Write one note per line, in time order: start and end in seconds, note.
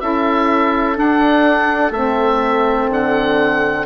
0.00 0.97 C#4
0.00 0.94 E4
0.00 3.85 A4
0.00 0.97 E5
0.94 1.91 D4
0.94 1.90 D4
0.94 1.92 F#5
1.90 2.87 A3
1.90 3.85 C4
1.90 2.89 E5
2.89 3.85 D3
2.89 3.85 F#5